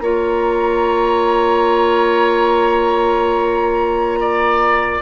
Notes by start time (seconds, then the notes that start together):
0.00 A#3 F4 C#5 A#5
4.21 D5